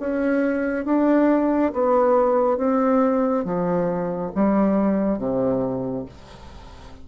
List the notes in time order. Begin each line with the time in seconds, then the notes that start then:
0.00 C#4
0.85 D4
1.74 B3
2.58 C4
3.45 F3
4.35 G3
5.19 C3